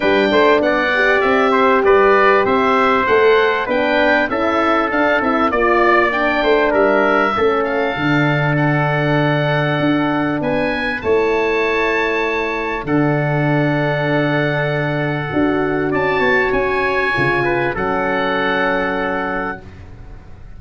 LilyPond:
<<
  \new Staff \with { instrumentName = "oboe" } { \time 4/4 \tempo 4 = 98 g''4 fis''4 e''4 d''4 | e''4 fis''4 g''4 e''4 | f''8 e''8 d''4 g''4 e''4~ | e''8 f''4. fis''2~ |
fis''4 gis''4 a''2~ | a''4 fis''2.~ | fis''2 a''4 gis''4~ | gis''4 fis''2. | }
  \new Staff \with { instrumentName = "trumpet" } { \time 4/4 b'8 c''8 d''4. c''8 b'4 | c''2 b'4 a'4~ | a'4 d''4. c''8 ais'4 | a'1~ |
a'4 b'4 cis''2~ | cis''4 a'2.~ | a'2 d''8 cis''4.~ | cis''8 b'8 a'2. | }
  \new Staff \with { instrumentName = "horn" } { \time 4/4 d'4. g'2~ g'8~ | g'4 a'4 d'4 e'4 | d'8 e'8 f'4 d'2 | cis'4 d'2.~ |
d'2 e'2~ | e'4 d'2.~ | d'4 fis'2. | f'4 cis'2. | }
  \new Staff \with { instrumentName = "tuba" } { \time 4/4 g8 a8 b4 c'4 g4 | c'4 a4 b4 cis'4 | d'8 c'8 ais4. a8 g4 | a4 d2. |
d'4 b4 a2~ | a4 d2.~ | d4 d'4 cis'8 b8 cis'4 | cis4 fis2. | }
>>